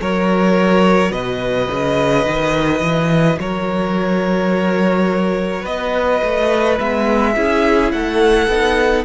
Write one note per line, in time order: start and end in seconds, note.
0.00 1.12 F#3
0.00 6.78 F#4
0.00 1.12 A#4
0.00 1.12 C#5
1.12 1.68 B2
1.12 3.38 B4
1.12 3.39 D#5
1.71 2.27 C#3
2.27 2.81 D#3
2.81 3.38 E3
3.39 5.65 F#3
3.39 5.62 A#4
3.39 5.66 C#5
5.62 6.22 B3
5.62 7.32 B4
5.62 6.79 D#5
6.23 6.79 A3
6.78 7.37 G#3
6.78 7.35 B3
6.78 7.92 E5
7.36 7.93 C#4
7.36 8.49 E4
7.36 7.93 G#4
7.92 8.48 A3
7.92 9.05 A4
7.92 9.05 F#5
8.48 9.04 B3
8.48 9.05 D#4